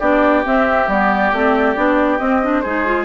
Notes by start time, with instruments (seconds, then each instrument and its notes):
0.00 bassoon B3, clarinet D4, oboe G4, flute D5
0.45 clarinet C4, bassoon C4, flute E5
0.88 bassoon G3, clarinet B3, flute D5
1.33 bassoon A3, clarinet C4
1.76 bassoon B3, clarinet D4
2.19 clarinet C4, bassoon C4, flute D#5
2.43 clarinet D4
2.61 bassoon G#3, clarinet D#4, oboe G#4, flute C5
2.86 clarinet F4